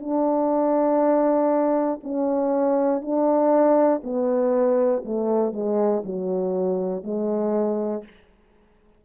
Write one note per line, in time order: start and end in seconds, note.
0.00 2.00 D4
2.03 3.02 C#4
3.02 4.02 D4
4.04 5.04 B3
5.05 5.53 A3
5.53 6.03 G#3
6.05 7.03 F#3
7.03 8.03 G#3